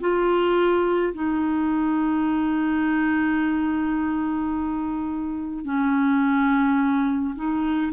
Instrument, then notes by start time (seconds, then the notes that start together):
clarinet
0.00 F4
1.14 D#4
5.64 C#4
7.35 D#4